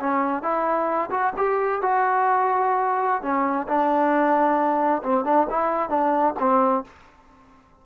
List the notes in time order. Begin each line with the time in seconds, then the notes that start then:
0.00 C#4
0.43 E4
1.11 F#4
1.37 G4
1.82 F#4
3.23 C#4
3.68 D4
5.03 C4
5.25 D4
5.50 E4
5.89 D4
6.40 C4